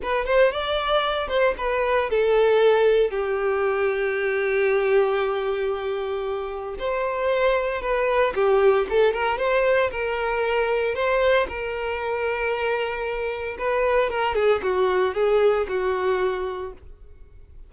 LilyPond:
\new Staff \with { instrumentName = "violin" } { \time 4/4 \tempo 4 = 115 b'8 c''8 d''4. c''8 b'4 | a'2 g'2~ | g'1~ | g'4 c''2 b'4 |
g'4 a'8 ais'8 c''4 ais'4~ | ais'4 c''4 ais'2~ | ais'2 b'4 ais'8 gis'8 | fis'4 gis'4 fis'2 | }